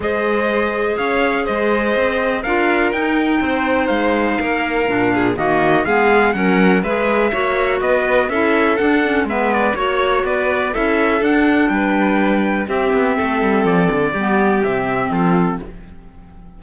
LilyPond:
<<
  \new Staff \with { instrumentName = "trumpet" } { \time 4/4 \tempo 4 = 123 dis''2 f''4 dis''4~ | dis''4 f''4 g''2 | f''2. dis''4 | f''4 fis''4 e''2 |
dis''4 e''4 fis''4 e''8 d''8 | cis''4 d''4 e''4 fis''4 | g''2 e''2 | d''2 e''4 a'4 | }
  \new Staff \with { instrumentName = "violin" } { \time 4/4 c''2 cis''4 c''4~ | c''4 ais'2 c''4~ | c''4 ais'4. gis'8 fis'4 | gis'4 ais'4 b'4 cis''4 |
b'4 a'2 b'4 | cis''4 b'4 a'2 | b'2 g'4 a'4~ | a'4 g'2 f'4 | }
  \new Staff \with { instrumentName = "clarinet" } { \time 4/4 gis'1~ | gis'4 f'4 dis'2~ | dis'2 d'4 ais4 | b4 cis'4 gis'4 fis'4~ |
fis'4 e'4 d'8 cis'8 b4 | fis'2 e'4 d'4~ | d'2 c'2~ | c'4 b4 c'2 | }
  \new Staff \with { instrumentName = "cello" } { \time 4/4 gis2 cis'4 gis4 | c'4 d'4 dis'4 c'4 | gis4 ais4 ais,4 dis4 | gis4 fis4 gis4 ais4 |
b4 cis'4 d'4 gis4 | ais4 b4 cis'4 d'4 | g2 c'8 b8 a8 g8 | f8 d8 g4 c4 f4 | }
>>